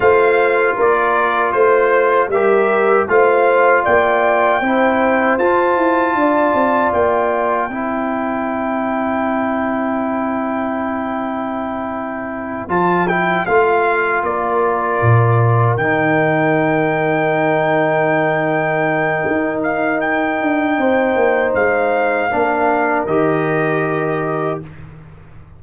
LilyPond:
<<
  \new Staff \with { instrumentName = "trumpet" } { \time 4/4 \tempo 4 = 78 f''4 d''4 c''4 e''4 | f''4 g''2 a''4~ | a''4 g''2.~ | g''1~ |
g''8 a''8 g''8 f''4 d''4.~ | d''8 g''2.~ g''8~ | g''4. f''8 g''2 | f''2 dis''2 | }
  \new Staff \with { instrumentName = "horn" } { \time 4/4 c''4 ais'4 c''4 ais'4 | c''4 d''4 c''2 | d''2 c''2~ | c''1~ |
c''2~ c''8 ais'4.~ | ais'1~ | ais'2. c''4~ | c''4 ais'2. | }
  \new Staff \with { instrumentName = "trombone" } { \time 4/4 f'2. g'4 | f'2 e'4 f'4~ | f'2 e'2~ | e'1~ |
e'8 f'8 e'8 f'2~ f'8~ | f'8 dis'2.~ dis'8~ | dis'1~ | dis'4 d'4 g'2 | }
  \new Staff \with { instrumentName = "tuba" } { \time 4/4 a4 ais4 a4 g4 | a4 ais4 c'4 f'8 e'8 | d'8 c'8 ais4 c'2~ | c'1~ |
c'8 f4 a4 ais4 ais,8~ | ais,8 dis2.~ dis8~ | dis4 dis'4. d'8 c'8 ais8 | gis4 ais4 dis2 | }
>>